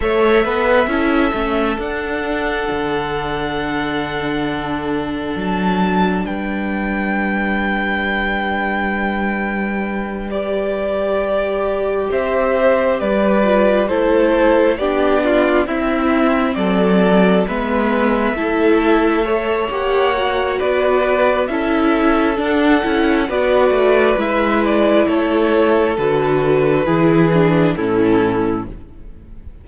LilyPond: <<
  \new Staff \with { instrumentName = "violin" } { \time 4/4 \tempo 4 = 67 e''2 fis''2~ | fis''2 a''4 g''4~ | g''2.~ g''8 d''8~ | d''4. e''4 d''4 c''8~ |
c''8 d''4 e''4 d''4 e''8~ | e''2 fis''4 d''4 | e''4 fis''4 d''4 e''8 d''8 | cis''4 b'2 a'4 | }
  \new Staff \with { instrumentName = "violin" } { \time 4/4 cis''8 b'8 a'2.~ | a'2. b'4~ | b'1~ | b'4. c''4 b'4 a'8~ |
a'8 g'8 f'8 e'4 a'4 b'8~ | b'8 a'4 cis''4. b'4 | a'2 b'2 | a'2 gis'4 e'4 | }
  \new Staff \with { instrumentName = "viola" } { \time 4/4 a'4 e'8 cis'8 d'2~ | d'1~ | d'2.~ d'8 g'8~ | g'2. f'8 e'8~ |
e'8 d'4 c'2 b8~ | b8 e'4 a'8 g'8 fis'4. | e'4 d'8 e'8 fis'4 e'4~ | e'4 fis'4 e'8 d'8 cis'4 | }
  \new Staff \with { instrumentName = "cello" } { \time 4/4 a8 b8 cis'8 a8 d'4 d4~ | d2 fis4 g4~ | g1~ | g4. c'4 g4 a8~ |
a8 b4 c'4 fis4 gis8~ | gis8 a4. ais4 b4 | cis'4 d'8 cis'8 b8 a8 gis4 | a4 d4 e4 a,4 | }
>>